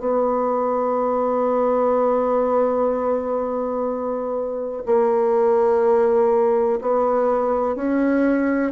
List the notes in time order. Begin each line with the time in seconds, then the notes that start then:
0.00 B3
4.87 A#3
6.81 B3
7.76 C#4